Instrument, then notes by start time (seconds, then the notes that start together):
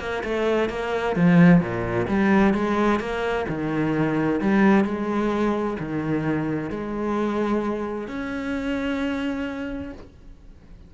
cello
0.00 A#3
0.24 A3
0.69 A#3
1.16 F3
1.61 A#2
2.08 G3
2.54 G#3
3.00 A#3
3.48 D#3
4.41 G3
4.85 G#3
5.79 D#3
6.70 G#3
8.08 C#4